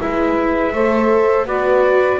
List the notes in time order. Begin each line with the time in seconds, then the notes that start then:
0.00 G#3 E4 B4 E5
0.72 A3 A4 C5
1.45 B3 F#4 B4 D5